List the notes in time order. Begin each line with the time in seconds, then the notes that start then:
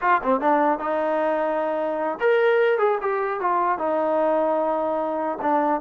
0.01 F4
0.23 C4
0.40 D4
0.78 D#4
2.19 A#4
2.78 G#4
3.01 G4
3.40 F4
3.78 D#4
5.41 D4